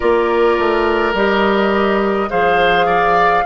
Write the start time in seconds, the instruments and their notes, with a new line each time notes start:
0.00 bassoon A#3, clarinet F4, oboe A#4, flute D5
0.58 bassoon A3
1.13 bassoon G3, clarinet G4, flute D#5
2.29 bassoon F3, clarinet G#4, oboe C5, flute F5
2.86 oboe D5